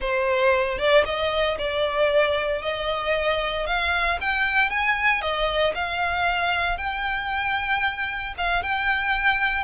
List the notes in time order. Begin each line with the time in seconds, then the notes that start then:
0.00 C5
0.78 D5
1.05 D#5
1.58 D5
2.62 D#5
3.66 F5
4.20 G5
4.70 G#5
5.21 D#5
5.74 F5
6.77 G5
8.37 F5
8.62 G5